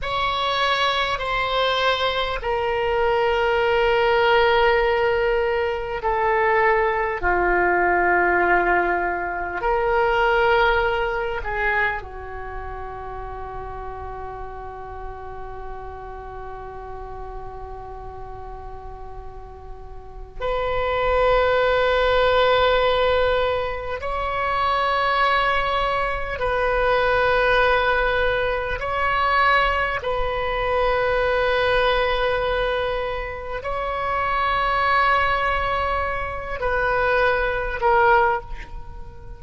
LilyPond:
\new Staff \with { instrumentName = "oboe" } { \time 4/4 \tempo 4 = 50 cis''4 c''4 ais'2~ | ais'4 a'4 f'2 | ais'4. gis'8 fis'2~ | fis'1~ |
fis'4 b'2. | cis''2 b'2 | cis''4 b'2. | cis''2~ cis''8 b'4 ais'8 | }